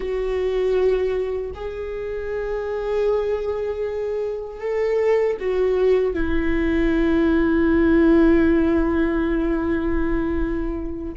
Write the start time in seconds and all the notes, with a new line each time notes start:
0.00 F#4
1.54 G#4
4.60 A4
5.39 F#4
6.13 E4